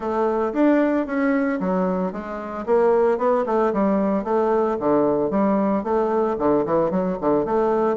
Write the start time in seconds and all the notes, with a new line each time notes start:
0.00 A3
0.53 D4
1.06 C#4
1.60 F#3
2.12 G#3
2.65 A#3
3.18 B3
3.46 A3
3.73 G3
4.24 A3
4.79 D3
5.30 G3
5.83 A3
6.38 D3
6.65 E3
6.91 F#3
7.20 D3
7.45 A3